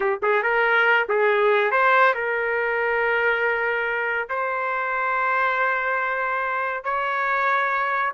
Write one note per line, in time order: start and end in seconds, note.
0.00 0.18 G4
0.22 0.42 G#4
0.42 1.07 A#4
1.09 1.71 G#4
1.71 2.14 C5
2.14 4.29 A#4
4.29 6.84 C5
6.84 8.12 C#5